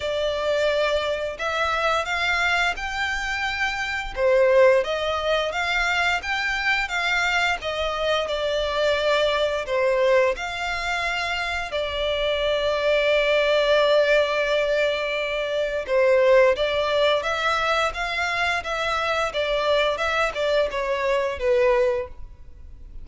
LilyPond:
\new Staff \with { instrumentName = "violin" } { \time 4/4 \tempo 4 = 87 d''2 e''4 f''4 | g''2 c''4 dis''4 | f''4 g''4 f''4 dis''4 | d''2 c''4 f''4~ |
f''4 d''2.~ | d''2. c''4 | d''4 e''4 f''4 e''4 | d''4 e''8 d''8 cis''4 b'4 | }